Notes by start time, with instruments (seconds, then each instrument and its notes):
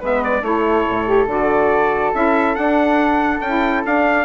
0.00 bassoon G#3, saxophone B3, flute B4, trumpet E5
0.24 trumpet D5
0.42 bassoon A3, saxophone E4, flute A4, trumpet C#5
0.89 bassoon A2
1.06 saxophone G4
1.27 bassoon D3, saxophone F#4, trumpet D5
2.14 bassoon C#4, saxophone E4, trumpet E5
2.56 saxophone D4, bassoon D4, trumpet F#5
3.41 bassoon C#4, saxophone E4, trumpet G5
3.86 saxophone D4, bassoon D4, trumpet F5